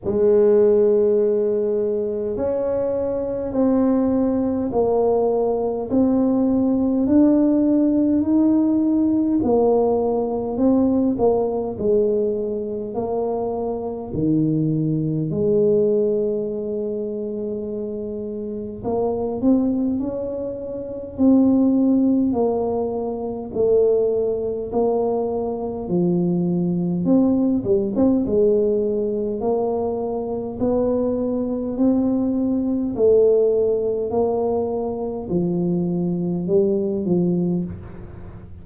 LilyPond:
\new Staff \with { instrumentName = "tuba" } { \time 4/4 \tempo 4 = 51 gis2 cis'4 c'4 | ais4 c'4 d'4 dis'4 | ais4 c'8 ais8 gis4 ais4 | dis4 gis2. |
ais8 c'8 cis'4 c'4 ais4 | a4 ais4 f4 c'8 g16 c'16 | gis4 ais4 b4 c'4 | a4 ais4 f4 g8 f8 | }